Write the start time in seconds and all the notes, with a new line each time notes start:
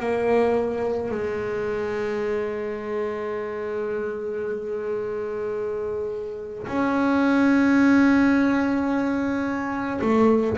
0.00 A#3
1.11 G#3
6.67 C#4
10.01 A3